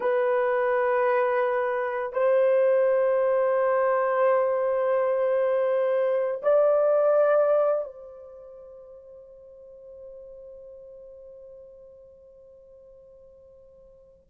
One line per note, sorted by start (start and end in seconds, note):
0.00 2.12 B4
2.12 6.41 C5
6.42 7.84 D5
7.84 14.27 C5